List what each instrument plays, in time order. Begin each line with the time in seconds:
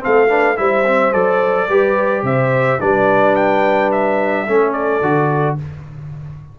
0.00 trombone C4, horn A4, trumpet F5
0.06 tuba A3
0.28 trombone D4, horn B4
0.57 tuba G3, trombone E4, horn C5, trumpet E5
0.86 trombone C4
1.12 tuba F#3, trombone A4, trumpet D5
1.69 tuba G3, trombone G4, horn B4
2.23 tuba C3, horn C5, trumpet E5
2.80 tuba G3, trombone D4, horn B4, trumpet D5
3.36 trumpet G5
3.92 trumpet E5
4.48 tuba A3, trombone C#4, horn A4
4.73 trumpet D5
5.02 tuba D3, trombone F#4